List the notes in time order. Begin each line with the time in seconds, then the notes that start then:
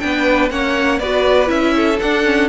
0.00 B3 D4 B4 G5
0.50 A#3 C#4 C#5 F#5
0.99 B3 F#4 B4 D5
1.46 C#4 E4 E5
1.76 A4
2.00 D4 F#5
2.24 C#4